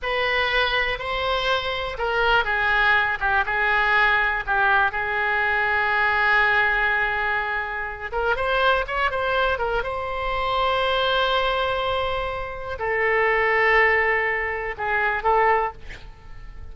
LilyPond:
\new Staff \with { instrumentName = "oboe" } { \time 4/4 \tempo 4 = 122 b'2 c''2 | ais'4 gis'4. g'8 gis'4~ | gis'4 g'4 gis'2~ | gis'1~ |
gis'8 ais'8 c''4 cis''8 c''4 ais'8 | c''1~ | c''2 a'2~ | a'2 gis'4 a'4 | }